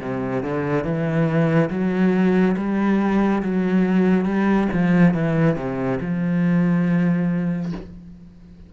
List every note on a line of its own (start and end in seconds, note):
0.00 0.42 C3
0.42 0.84 D3
0.84 1.69 E3
1.70 2.56 F#3
2.57 3.42 G3
3.42 4.25 F#3
4.25 4.68 G3
4.73 5.14 F3
5.14 5.56 E3
5.56 5.98 C3
6.00 7.72 F3